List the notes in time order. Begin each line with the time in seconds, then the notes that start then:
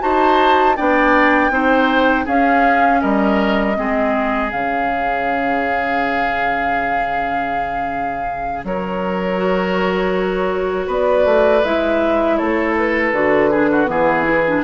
0.00 D#4 F#4 C5 A5
0.76 B3 D4 D5 G5
1.50 C4 D#4 C5
2.25 C#4 G#4 F5
3.01 G3 A#4 D#5
3.75 G#3 C4 G#4
4.50 C#3 C#4 F5
8.64 F#3 A#4 C#5
9.37 F#4
10.86 B3 B4 D5
11.25 A3
11.64 G#3 E4 E5
12.37 A3 A4 C#5
12.78 B4
13.12 D3 F#4
13.50 D4 G#4
13.71 F#4
13.86 E3 B3 G#4
14.23 E4
14.48 D4